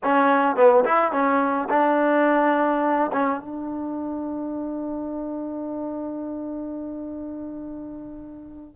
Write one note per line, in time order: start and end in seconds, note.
0.03 0.56 C#4
0.56 0.84 B3
0.84 1.11 E4
1.11 1.68 C#4
1.69 3.11 D4
3.12 3.40 C#4
3.40 8.76 D4